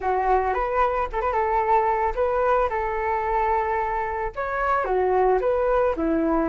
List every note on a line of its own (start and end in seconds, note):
0.00 0.54 F#4
0.54 1.08 B4
1.12 1.21 A4
1.21 1.32 B4
1.32 2.13 A4
2.15 2.69 B4
2.69 4.31 A4
4.35 4.84 C#5
4.84 5.38 F#4
5.40 5.94 B4
5.96 6.49 E4